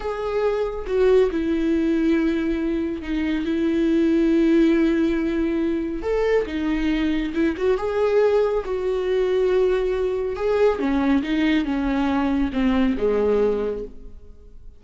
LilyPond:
\new Staff \with { instrumentName = "viola" } { \time 4/4 \tempo 4 = 139 gis'2 fis'4 e'4~ | e'2. dis'4 | e'1~ | e'2 a'4 dis'4~ |
dis'4 e'8 fis'8 gis'2 | fis'1 | gis'4 cis'4 dis'4 cis'4~ | cis'4 c'4 gis2 | }